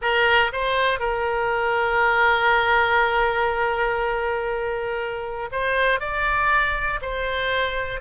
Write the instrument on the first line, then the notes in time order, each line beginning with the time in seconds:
oboe
0.01 A#4
0.52 C5
0.99 A#4
5.51 C5
6.00 D5
7.01 C5